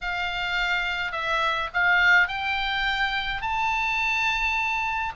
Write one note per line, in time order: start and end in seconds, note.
0.01 1.12 F5
1.12 1.69 E5
1.73 2.28 F5
2.28 3.41 G5
3.41 5.12 A5